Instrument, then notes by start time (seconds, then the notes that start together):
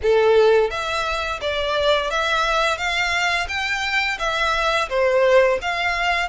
violin
0.02 A4
0.70 E5
1.41 D5
2.10 E5
2.77 F5
3.48 G5
4.19 E5
4.89 C5
5.61 F5